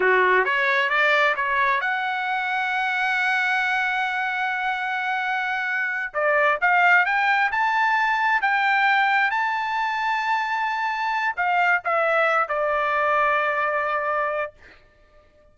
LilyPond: \new Staff \with { instrumentName = "trumpet" } { \time 4/4 \tempo 4 = 132 fis'4 cis''4 d''4 cis''4 | fis''1~ | fis''1~ | fis''4. d''4 f''4 g''8~ |
g''8 a''2 g''4.~ | g''8 a''2.~ a''8~ | a''4 f''4 e''4. d''8~ | d''1 | }